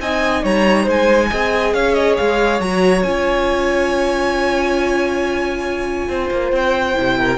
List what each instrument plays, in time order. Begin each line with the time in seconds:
0.00 cello C4, viola D#4, violin D#5 G#5
0.43 cello G3, violin C#5 A#5
0.84 cello G#3, violin C5
0.90 violin G#5
1.30 cello C4, viola G#4, violin D#5
1.74 cello C#4, violin C#5 F5
1.94 violin D#5
2.18 cello G#3, violin F5
2.60 cello F#3, viola F#4, violin A#5
3.03 cello C#4, viola F4, violin G#5
6.09 cello C4, violin C5
6.31 cello A#3
6.52 cello C4, violin G5
6.94 cello C3, viola E4
7.18 violin A#4